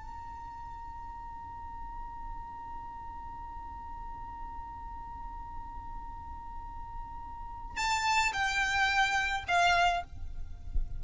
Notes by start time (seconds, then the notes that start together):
0.00 A#5
7.77 A5
8.33 G5
9.48 F5